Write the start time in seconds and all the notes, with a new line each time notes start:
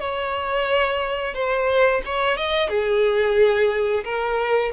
0.00 C#5
1.35 C5
2.06 C#5
2.37 D#5
2.69 G#4
4.04 A#4